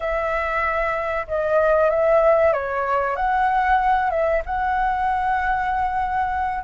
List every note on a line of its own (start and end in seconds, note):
0.00 1.26 E5
1.27 1.89 D#5
1.89 2.52 E5
2.52 3.16 C#5
3.16 4.10 F#5
4.10 4.42 E5
4.45 6.63 F#5